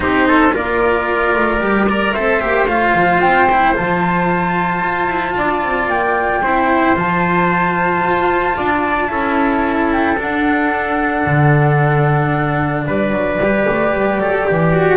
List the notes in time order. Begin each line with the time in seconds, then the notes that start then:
0.00 C4 D#4 G4 C5
0.27 A4
0.52 A#3 F4 A#4 D5
1.35 A3
1.60 G3 G4
1.88 A#4 D5
2.12 C4 A4 C5 E5
2.40 A#3 G4
2.66 A3 F4 F5
2.94 F3
3.20 C4 G5
3.51 E4
3.74 F3 F4 A5
4.82 F4
5.07 E4
5.36 D4 D5
5.63 C4
5.87 A#3 G5
6.41 C4 E4 C5
6.96 F3 F4 A5
8.02 F4
8.56 D4 D5
9.08 C#4 E4 A4
9.92 G5
10.18 D4 F#5
11.26 D3
12.84 G3 B4 D5
13.11 F#3
13.39 G3 G4
13.69 A3
13.93 G3
14.18 F#3 A4
14.46 E3 G4
14.72 F#4